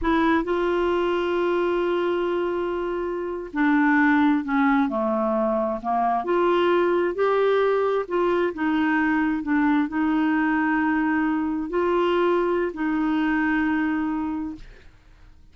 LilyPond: \new Staff \with { instrumentName = "clarinet" } { \time 4/4 \tempo 4 = 132 e'4 f'2.~ | f'2.~ f'8. d'16~ | d'4.~ d'16 cis'4 a4~ a16~ | a8. ais4 f'2 g'16~ |
g'4.~ g'16 f'4 dis'4~ dis'16~ | dis'8. d'4 dis'2~ dis'16~ | dis'4.~ dis'16 f'2~ f'16 | dis'1 | }